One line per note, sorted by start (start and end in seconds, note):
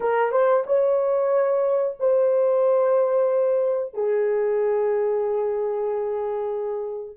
0.00 0.31 A#4
0.31 0.64 C5
0.66 1.97 C#5
1.99 3.94 C5
3.94 7.17 G#4